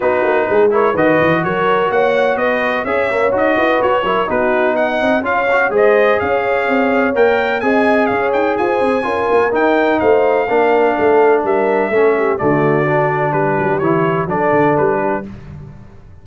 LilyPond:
<<
  \new Staff \with { instrumentName = "trumpet" } { \time 4/4 \tempo 4 = 126 b'4. cis''8 dis''4 cis''4 | fis''4 dis''4 e''4 dis''4 | cis''4 b'4 fis''4 f''4 | dis''4 f''2 g''4 |
gis''4 f''8 g''8 gis''2 | g''4 f''2. | e''2 d''2 | b'4 cis''4 d''4 b'4 | }
  \new Staff \with { instrumentName = "horn" } { \time 4/4 fis'4 gis'8 ais'8 b'4 ais'4 | cis''4 b'4 cis''4. b'8~ | b'8 ais'8 fis'4 dis''4 cis''4 | c''4 cis''2. |
dis''4 cis''4 c''4 ais'4~ | ais'4 c''4 ais'4 a'4 | ais'4 a'8 g'8 fis'2 | g'2 a'4. g'8 | }
  \new Staff \with { instrumentName = "trombone" } { \time 4/4 dis'4. e'8 fis'2~ | fis'2 gis'8 ais8 fis'4~ | fis'8 e'8 dis'2 f'8 fis'8 | gis'2. ais'4 |
gis'2. f'4 | dis'2 d'2~ | d'4 cis'4 a4 d'4~ | d'4 e'4 d'2 | }
  \new Staff \with { instrumentName = "tuba" } { \time 4/4 b8 ais8 gis4 dis8 e8 fis4 | ais4 b4 cis'4 dis'8 e'8 | fis'8 fis8 b4. c'8 cis'4 | gis4 cis'4 c'4 ais4 |
c'4 cis'8 dis'8 f'8 c'8 cis'8 ais8 | dis'4 a4 ais4 a4 | g4 a4 d2 | g8 fis8 e4 fis8 d8 g4 | }
>>